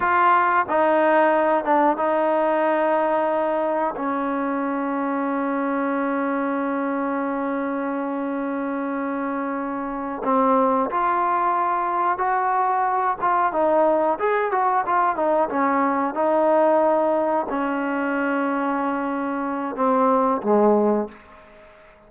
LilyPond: \new Staff \with { instrumentName = "trombone" } { \time 4/4 \tempo 4 = 91 f'4 dis'4. d'8 dis'4~ | dis'2 cis'2~ | cis'1~ | cis'2.~ cis'8 c'8~ |
c'8 f'2 fis'4. | f'8 dis'4 gis'8 fis'8 f'8 dis'8 cis'8~ | cis'8 dis'2 cis'4.~ | cis'2 c'4 gis4 | }